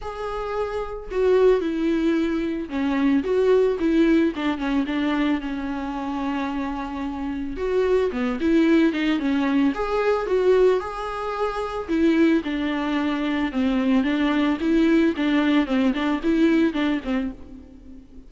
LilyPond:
\new Staff \with { instrumentName = "viola" } { \time 4/4 \tempo 4 = 111 gis'2 fis'4 e'4~ | e'4 cis'4 fis'4 e'4 | d'8 cis'8 d'4 cis'2~ | cis'2 fis'4 b8 e'8~ |
e'8 dis'8 cis'4 gis'4 fis'4 | gis'2 e'4 d'4~ | d'4 c'4 d'4 e'4 | d'4 c'8 d'8 e'4 d'8 c'8 | }